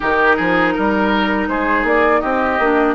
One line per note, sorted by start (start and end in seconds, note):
0.00 0.39 D#3
0.00 2.58 D#4
0.00 0.36 G4
0.00 1.48 A#4
0.36 0.76 F3
0.36 0.73 G#4
0.73 1.48 G3
0.73 1.48 A#4
1.48 1.83 G#3
1.48 2.21 G#4
1.48 1.85 C5
1.83 2.20 A#3
1.83 2.20 D5
2.20 2.59 C4
2.20 2.94 G4
2.20 2.94 D#5
2.59 2.94 A#3
2.59 2.94 D4